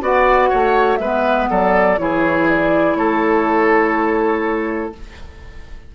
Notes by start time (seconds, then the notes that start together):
0.00 B3 F#4 D5 F#5
0.49 A3 C#5
0.96 G#3 B3 B4 E5
1.50 F#3 A4 D5
1.97 E3 E4 G#4 C#5
2.48 D5
2.95 A3 A4 C#5